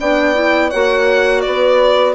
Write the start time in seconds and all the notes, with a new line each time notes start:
0.00 B3 D4 D5 G5
0.34 E4
0.69 A#3 F#4 C#5 F#5
1.41 B3 B4 D5